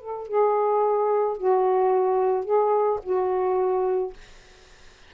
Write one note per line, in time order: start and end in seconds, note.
0.00 0.28 A4
0.28 1.37 G#4
1.37 2.44 F#4
2.44 2.99 G#4
3.03 4.13 F#4